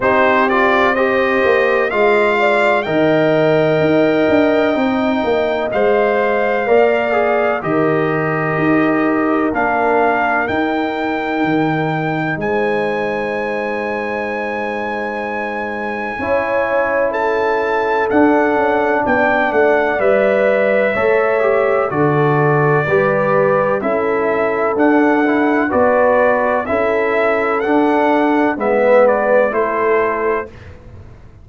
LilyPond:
<<
  \new Staff \with { instrumentName = "trumpet" } { \time 4/4 \tempo 4 = 63 c''8 d''8 dis''4 f''4 g''4~ | g''2 f''2 | dis''2 f''4 g''4~ | g''4 gis''2.~ |
gis''2 a''4 fis''4 | g''8 fis''8 e''2 d''4~ | d''4 e''4 fis''4 d''4 | e''4 fis''4 e''8 d''8 c''4 | }
  \new Staff \with { instrumentName = "horn" } { \time 4/4 g'4 c''4 dis''8 d''8 dis''4~ | dis''2. d''4 | ais'1~ | ais'4 c''2.~ |
c''4 cis''4 a'2 | d''2 cis''4 a'4 | b'4 a'2 b'4 | a'2 b'4 a'4 | }
  \new Staff \with { instrumentName = "trombone" } { \time 4/4 dis'8 f'8 g'4 f'4 ais'4~ | ais'4 dis'4 c''4 ais'8 gis'8 | g'2 d'4 dis'4~ | dis'1~ |
dis'4 e'2 d'4~ | d'4 b'4 a'8 g'8 fis'4 | g'4 e'4 d'8 e'8 fis'4 | e'4 d'4 b4 e'4 | }
  \new Staff \with { instrumentName = "tuba" } { \time 4/4 c'4. ais8 gis4 dis4 | dis'8 d'8 c'8 ais8 gis4 ais4 | dis4 dis'4 ais4 dis'4 | dis4 gis2.~ |
gis4 cis'2 d'8 cis'8 | b8 a8 g4 a4 d4 | g4 cis'4 d'4 b4 | cis'4 d'4 gis4 a4 | }
>>